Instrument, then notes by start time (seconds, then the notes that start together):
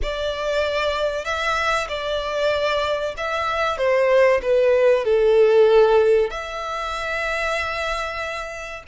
violin
0.02 D5
1.24 E5
1.88 D5
3.17 E5
3.77 C5
4.42 B4
5.04 A4
6.30 E5